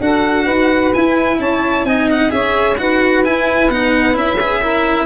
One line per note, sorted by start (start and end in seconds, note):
0.00 0.46 D4
0.00 0.93 F#4
0.00 0.44 A4
0.00 0.93 F#5
0.44 0.92 D#4
0.44 1.36 B4
0.93 1.86 E4
0.93 1.38 E4
0.93 1.39 G#5
1.38 1.84 C#4
1.38 1.86 C#5
1.38 1.85 A5
1.84 2.30 C4
1.84 2.29 D#4
1.84 2.32 D#5
1.84 2.08 G#5
2.10 2.30 F#5
2.29 2.78 C#4
2.29 2.75 G#4
2.29 2.79 C#5
2.29 2.76 E5
2.77 3.25 D#4
2.77 3.24 F#4
2.77 4.60 B4
2.77 3.23 F#5
3.24 3.70 E4
3.24 3.69 E4
3.24 3.70 G#5
3.69 4.14 B3
3.69 4.13 D#4
3.69 4.15 F#5
4.13 5.05 C#4
4.13 4.36 E4
4.13 5.05 E5
4.40 4.62 G#4
4.60 5.05 E4
4.60 5.05 A#4